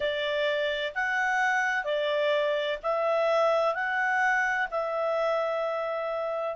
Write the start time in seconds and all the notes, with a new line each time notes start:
0.00 D5
0.95 F#5
1.84 D5
2.82 E5
3.74 F#5
4.70 E5